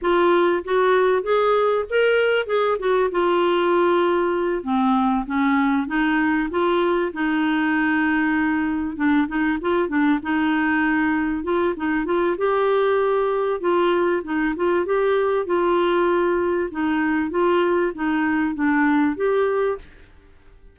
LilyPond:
\new Staff \with { instrumentName = "clarinet" } { \time 4/4 \tempo 4 = 97 f'4 fis'4 gis'4 ais'4 | gis'8 fis'8 f'2~ f'8 c'8~ | c'8 cis'4 dis'4 f'4 dis'8~ | dis'2~ dis'8 d'8 dis'8 f'8 |
d'8 dis'2 f'8 dis'8 f'8 | g'2 f'4 dis'8 f'8 | g'4 f'2 dis'4 | f'4 dis'4 d'4 g'4 | }